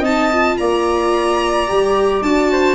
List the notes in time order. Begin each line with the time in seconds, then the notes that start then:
0.00 C4 D#4 D#5 A5
0.32 F4
0.57 A#3 D5 A#5
1.67 G3 G4
2.22 D4 F#4 A5
2.52 C5